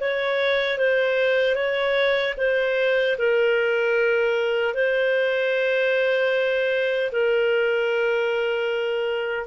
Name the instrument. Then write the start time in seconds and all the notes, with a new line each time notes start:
clarinet
0.00 C#5
0.79 C5
1.55 C#5
2.38 C5
3.18 A#4
4.74 C5
7.12 A#4